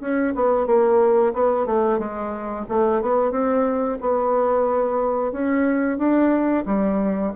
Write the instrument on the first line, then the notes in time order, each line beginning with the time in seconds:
bassoon
0.00 C#4
0.35 B3
0.66 A#3
1.33 B3
1.66 A3
1.98 G#3
2.68 A3
3.01 B3
3.31 C4
4.00 B3
5.32 C#4
5.98 D4
6.65 G3